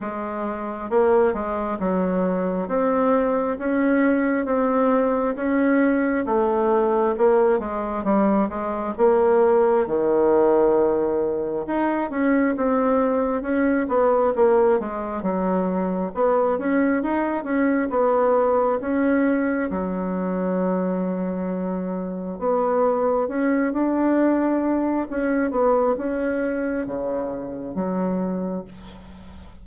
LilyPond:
\new Staff \with { instrumentName = "bassoon" } { \time 4/4 \tempo 4 = 67 gis4 ais8 gis8 fis4 c'4 | cis'4 c'4 cis'4 a4 | ais8 gis8 g8 gis8 ais4 dis4~ | dis4 dis'8 cis'8 c'4 cis'8 b8 |
ais8 gis8 fis4 b8 cis'8 dis'8 cis'8 | b4 cis'4 fis2~ | fis4 b4 cis'8 d'4. | cis'8 b8 cis'4 cis4 fis4 | }